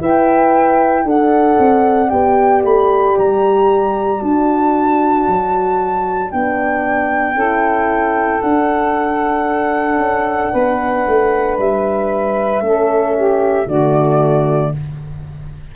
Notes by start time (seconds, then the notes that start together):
0.00 E4 B4 E5 G5
1.04 D4 A4 D5 F#5
1.58 C4
2.09 B3 G4 G5
2.63 A3 B5
3.18 G3 A#5
4.18 D4 F#4 A5
5.27 F#3
6.30 B3 D4 G5
7.35 C#4 E4 A4
8.41 D4 F#5
9.96 C#4
10.52 B3 B4
11.07 A3
11.58 G3 E5
12.61 A3 C#4 A4
13.16 G4
13.66 D3 A3 F#4 D5